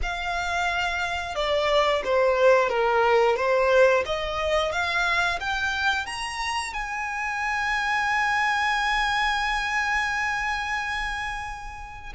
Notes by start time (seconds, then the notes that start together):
0.02 F5
1.35 D5
2.04 C5
2.69 A#4
3.36 C5
4.05 D#5
4.72 F5
5.40 G5
6.06 A#5
6.73 G#5